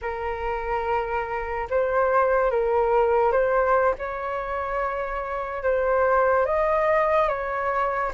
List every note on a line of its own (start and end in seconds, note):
0.01 1.68 A#4
1.70 2.50 C5
2.50 3.31 A#4
3.31 3.94 C5
3.98 5.63 C#5
5.63 6.45 C5
6.45 7.28 D#5
7.28 8.11 C#5